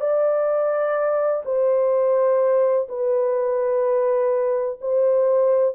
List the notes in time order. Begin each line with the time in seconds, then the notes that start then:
0.00 D5
1.45 C5
2.88 B4
4.81 C5